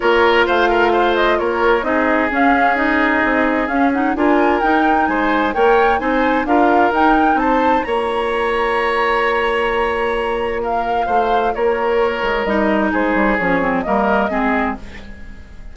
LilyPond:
<<
  \new Staff \with { instrumentName = "flute" } { \time 4/4 \tempo 4 = 130 cis''4 f''4. dis''8 cis''4 | dis''4 f''4 dis''2 | f''8 fis''8 gis''4 g''4 gis''4 | g''4 gis''4 f''4 g''4 |
a''4 ais''2.~ | ais''2. f''4~ | f''4 cis''2 dis''4 | c''4 cis''4 dis''2 | }
  \new Staff \with { instrumentName = "oboe" } { \time 4/4 ais'4 c''8 ais'8 c''4 ais'4 | gis'1~ | gis'4 ais'2 c''4 | cis''4 c''4 ais'2 |
c''4 cis''2.~ | cis''2. ais'4 | c''4 ais'2. | gis'2 ais'4 gis'4 | }
  \new Staff \with { instrumentName = "clarinet" } { \time 4/4 f'1 | dis'4 cis'4 dis'2 | cis'8 dis'8 f'4 dis'2 | ais'4 dis'4 f'4 dis'4~ |
dis'4 f'2.~ | f'1~ | f'2. dis'4~ | dis'4 cis'8 c'8 ais4 c'4 | }
  \new Staff \with { instrumentName = "bassoon" } { \time 4/4 ais4 a2 ais4 | c'4 cis'2 c'4 | cis'4 d'4 dis'4 gis4 | ais4 c'4 d'4 dis'4 |
c'4 ais2.~ | ais1 | a4 ais4. gis8 g4 | gis8 g8 f4 g4 gis4 | }
>>